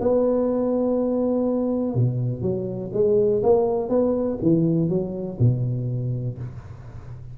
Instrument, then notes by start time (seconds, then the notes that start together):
tuba
0.00 B3
1.94 B2
2.42 F#3
2.93 G#3
3.43 A#3
3.89 B3
4.42 E3
4.88 F#3
5.39 B2